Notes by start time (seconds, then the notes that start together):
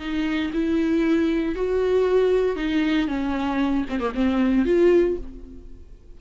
0.00 D#4
0.54 E4
1.56 F#4
2.56 D#4
3.08 C#4
3.90 C4
4.00 A#3
4.14 C4
4.66 F4